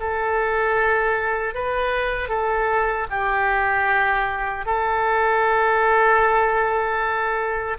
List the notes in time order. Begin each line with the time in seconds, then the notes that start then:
0.00 A4
1.54 B4
2.28 A4
3.10 G4
4.65 A4